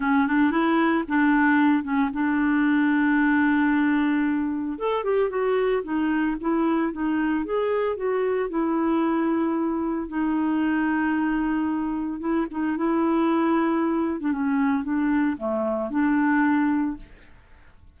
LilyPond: \new Staff \with { instrumentName = "clarinet" } { \time 4/4 \tempo 4 = 113 cis'8 d'8 e'4 d'4. cis'8 | d'1~ | d'4 a'8 g'8 fis'4 dis'4 | e'4 dis'4 gis'4 fis'4 |
e'2. dis'4~ | dis'2. e'8 dis'8 | e'2~ e'8. d'16 cis'4 | d'4 a4 d'2 | }